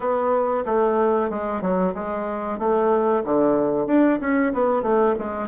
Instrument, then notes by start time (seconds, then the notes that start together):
bassoon
0.00 B3
0.65 A3
1.30 G#3
1.61 F#3
1.94 G#3
2.58 A3
3.24 D3
3.87 D4
4.20 C#4
4.53 B3
4.82 A3
5.18 G#3